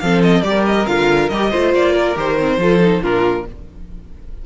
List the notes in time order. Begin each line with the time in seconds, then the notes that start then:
0.00 F3 C4 A4 F5
0.22 D#5
0.43 G3 G4 D5
0.49 A#4
0.67 D#5
0.87 D3 F4 F5
1.29 G3 G4 D#5
1.50 A3 F4 C5
1.74 A#3 D5
1.93 A#4
2.15 D#3 G4 C5
2.40 C4
2.57 F3 F4 A4
2.81 D#4
3.03 A#2 D4 F4 A#4